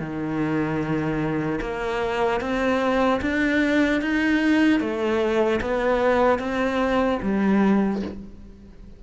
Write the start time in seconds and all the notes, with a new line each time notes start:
0.00 D#3
1.61 A#3
2.41 C4
3.22 D4
4.02 D#4
4.81 A3
5.61 B3
6.40 C4
7.23 G3